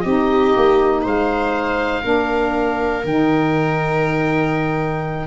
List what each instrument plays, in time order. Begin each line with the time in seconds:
0.00 tuba C4, saxophone D#4, viola G4, oboe D#5
0.56 tuba A#3
1.01 tuba G#3, viola C5, oboe F5
2.02 tuba A#3, saxophone D4, viola A#4
3.04 tuba D#3, saxophone D#4, oboe G5